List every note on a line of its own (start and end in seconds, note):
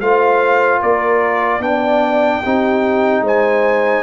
0.00 0.81 A3
0.00 1.61 F4
0.00 0.79 C5
0.00 0.81 F5
0.79 1.58 A#3
0.79 1.60 A#4
0.79 1.62 D5
1.58 2.40 B3
1.58 2.42 D4
1.58 2.42 D5
1.58 3.24 G5
2.42 3.21 C4
2.42 4.03 D#4
2.42 3.23 G4
3.21 4.02 G#3
3.21 4.03 C5
3.27 4.03 G#5